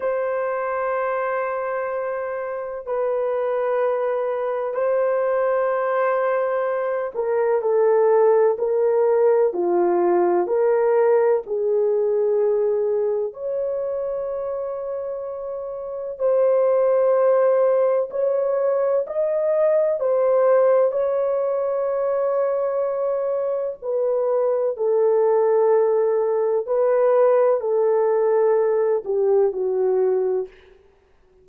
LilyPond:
\new Staff \with { instrumentName = "horn" } { \time 4/4 \tempo 4 = 63 c''2. b'4~ | b'4 c''2~ c''8 ais'8 | a'4 ais'4 f'4 ais'4 | gis'2 cis''2~ |
cis''4 c''2 cis''4 | dis''4 c''4 cis''2~ | cis''4 b'4 a'2 | b'4 a'4. g'8 fis'4 | }